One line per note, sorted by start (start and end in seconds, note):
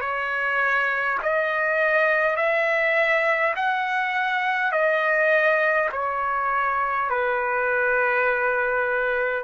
0.00 1.18 C#5
1.22 2.36 D#5
2.36 3.53 E5
3.55 4.72 F#5
4.72 5.89 D#5
5.91 7.09 C#5
7.09 9.43 B4